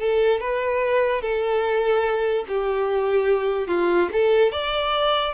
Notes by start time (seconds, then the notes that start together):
0.00 A4
0.41 B4
1.22 A4
2.48 G4
3.68 F4
4.13 A4
4.52 D5